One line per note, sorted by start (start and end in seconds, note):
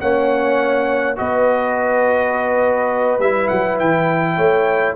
0.00 1.18 A#3
0.00 1.16 C#4
0.00 1.17 C#5
0.00 1.17 F#5
1.16 3.19 B3
1.16 3.20 F#4
1.16 4.36 B4
1.16 3.20 D#5
3.19 3.48 G3
3.19 4.95 E4
3.19 3.48 E5
3.48 3.80 F#3
3.48 3.77 F#5
3.79 4.37 E3
3.79 4.95 G5
4.36 4.95 A3
4.36 4.94 C#5